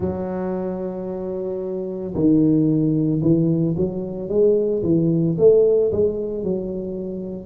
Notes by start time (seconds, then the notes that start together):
0.00 F#3
2.14 D#3
3.21 E3
3.76 F#3
4.29 G#3
4.82 E3
5.38 A3
5.92 G#3
6.43 F#3